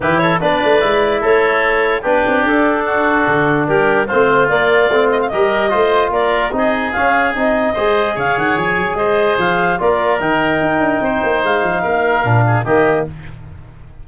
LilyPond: <<
  \new Staff \with { instrumentName = "clarinet" } { \time 4/4 \tempo 4 = 147 b'8 cis''8 d''2 cis''4~ | cis''4 b'4 a'2~ | a'4 ais'4 c''4 d''4~ | d''8 dis''16 f''16 dis''2 d''4 |
dis''4 f''4 dis''2 | f''8 fis''8 gis''4 dis''4 f''4 | d''4 g''2. | f''2. dis''4 | }
  \new Staff \with { instrumentName = "oboe" } { \time 4/4 g'8 a'8 b'2 a'4~ | a'4 g'2 fis'4~ | fis'4 g'4 f'2~ | f'4 ais'4 c''4 ais'4 |
gis'2. c''4 | cis''2 c''2 | ais'2. c''4~ | c''4 ais'4. gis'8 g'4 | }
  \new Staff \with { instrumentName = "trombone" } { \time 4/4 e'4 d'4 e'2~ | e'4 d'2.~ | d'2 c'4 ais4 | c'4 g'4 f'2 |
dis'4 cis'4 dis'4 gis'4~ | gis'1 | f'4 dis'2.~ | dis'2 d'4 ais4 | }
  \new Staff \with { instrumentName = "tuba" } { \time 4/4 e4 b8 a8 gis4 a4~ | a4 b8 c'8 d'2 | d4 g4 a4 ais4 | a4 g4 a4 ais4 |
c'4 cis'4 c'4 gis4 | cis8 dis8 f8 fis8 gis4 f4 | ais4 dis4 dis'8 d'8 c'8 ais8 | gis8 f8 ais4 ais,4 dis4 | }
>>